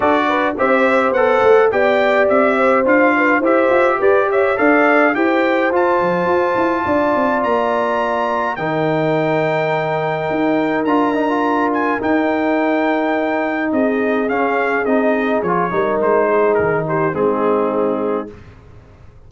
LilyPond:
<<
  \new Staff \with { instrumentName = "trumpet" } { \time 4/4 \tempo 4 = 105 d''4 e''4 fis''4 g''4 | e''4 f''4 e''4 d''8 e''8 | f''4 g''4 a''2~ | a''4 ais''2 g''4~ |
g''2. ais''4~ | ais''8 gis''8 g''2. | dis''4 f''4 dis''4 cis''4 | c''4 ais'8 c''8 gis'2 | }
  \new Staff \with { instrumentName = "horn" } { \time 4/4 a'8 b'8 c''2 d''4~ | d''8 c''4 b'8 c''4 b'8 cis''8 | d''4 c''2. | d''2. ais'4~ |
ais'1~ | ais'1 | gis'2.~ gis'8 ais'8~ | ais'8 gis'4 g'8 dis'2 | }
  \new Staff \with { instrumentName = "trombone" } { \time 4/4 fis'4 g'4 a'4 g'4~ | g'4 f'4 g'2 | a'4 g'4 f'2~ | f'2. dis'4~ |
dis'2. f'8 dis'16 f'16~ | f'4 dis'2.~ | dis'4 cis'4 dis'4 f'8 dis'8~ | dis'2 c'2 | }
  \new Staff \with { instrumentName = "tuba" } { \time 4/4 d'4 c'4 b8 a8 b4 | c'4 d'4 e'8 f'8 g'4 | d'4 e'4 f'8 f8 f'8 e'8 | d'8 c'8 ais2 dis4~ |
dis2 dis'4 d'4~ | d'4 dis'2. | c'4 cis'4 c'4 f8 g8 | gis4 dis4 gis2 | }
>>